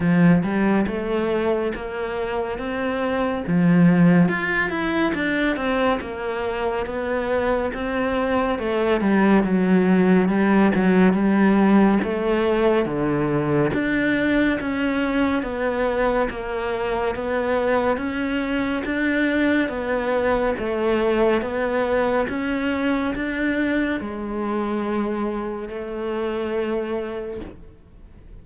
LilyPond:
\new Staff \with { instrumentName = "cello" } { \time 4/4 \tempo 4 = 70 f8 g8 a4 ais4 c'4 | f4 f'8 e'8 d'8 c'8 ais4 | b4 c'4 a8 g8 fis4 | g8 fis8 g4 a4 d4 |
d'4 cis'4 b4 ais4 | b4 cis'4 d'4 b4 | a4 b4 cis'4 d'4 | gis2 a2 | }